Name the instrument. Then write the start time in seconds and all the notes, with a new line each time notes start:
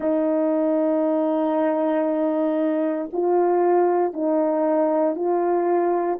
horn
0.00 D#4
3.13 F4
4.13 D#4
5.15 F4